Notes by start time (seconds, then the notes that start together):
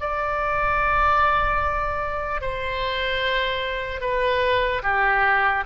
0.00 D5
2.41 C5
4.01 B4
4.82 G4